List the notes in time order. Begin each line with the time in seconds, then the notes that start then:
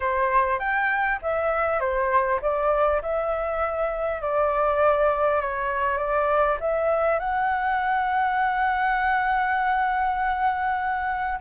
0.00 C5
0.59 G5
1.22 E5
1.80 C5
2.41 D5
3.02 E5
4.21 D5
5.41 C#5
5.97 D5
6.60 E5
7.19 F#5